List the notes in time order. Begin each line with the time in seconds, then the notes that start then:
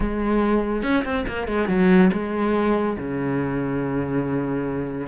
0.00 G#3
0.83 C#4
1.04 C4
1.27 A#3
1.47 G#3
1.68 F#3
2.12 G#3
2.98 C#3